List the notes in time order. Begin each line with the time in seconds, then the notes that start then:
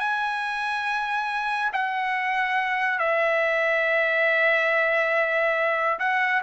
0.00 G#5
1.73 F#5
3.00 E5
6.00 F#5